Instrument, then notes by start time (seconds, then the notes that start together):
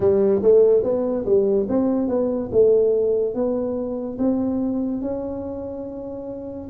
tuba
0.00 G3
0.42 A3
0.83 B3
1.25 G3
1.69 C4
2.08 B3
2.52 A3
3.34 B3
4.18 C4
5.01 C#4